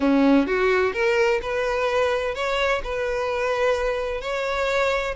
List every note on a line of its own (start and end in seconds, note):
0.00 0.47 C#4
0.47 0.93 F#4
0.93 1.40 A#4
1.41 2.34 B4
2.34 2.81 C#5
2.83 4.21 B4
4.21 5.14 C#5